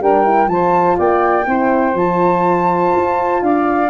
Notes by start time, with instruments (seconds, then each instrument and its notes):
0.00 tuba G3, horn D4, saxophone A#4, flute G5
0.24 horn E4
0.46 tuba F3, horn F4, saxophone C5, flute A5
0.97 tuba A#3, saxophone D5, flute G5
1.46 tuba C4, horn E4, saxophone C5
1.93 tuba F3, horn F4, flute A5
2.95 tuba F4
3.41 tuba D4, saxophone D5, flute F5